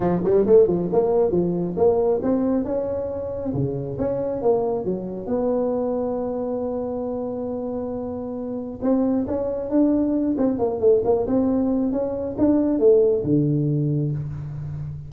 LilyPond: \new Staff \with { instrumentName = "tuba" } { \time 4/4 \tempo 4 = 136 f8 g8 a8 f8 ais4 f4 | ais4 c'4 cis'2 | cis4 cis'4 ais4 fis4 | b1~ |
b1 | c'4 cis'4 d'4. c'8 | ais8 a8 ais8 c'4. cis'4 | d'4 a4 d2 | }